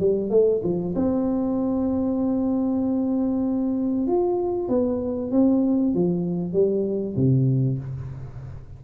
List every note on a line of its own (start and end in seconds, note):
0.00 0.31 G3
0.31 0.62 A3
0.64 0.95 F3
0.96 4.07 C4
4.07 4.69 F4
4.69 5.32 B3
5.32 5.94 C4
5.95 6.53 F3
6.53 7.16 G3
7.16 7.79 C3